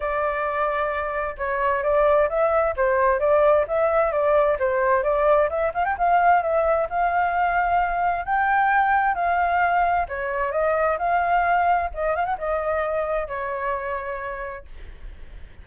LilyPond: \new Staff \with { instrumentName = "flute" } { \time 4/4 \tempo 4 = 131 d''2. cis''4 | d''4 e''4 c''4 d''4 | e''4 d''4 c''4 d''4 | e''8 f''16 g''16 f''4 e''4 f''4~ |
f''2 g''2 | f''2 cis''4 dis''4 | f''2 dis''8 f''16 fis''16 dis''4~ | dis''4 cis''2. | }